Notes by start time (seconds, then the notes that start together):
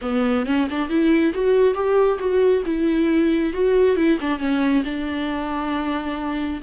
0.01 B3
0.46 C#4
0.70 D4
0.89 E4
1.34 F#4
1.74 G4
2.19 F#4
2.65 E4
3.53 F#4
3.96 E4
4.20 D4
4.39 C#4
4.84 D4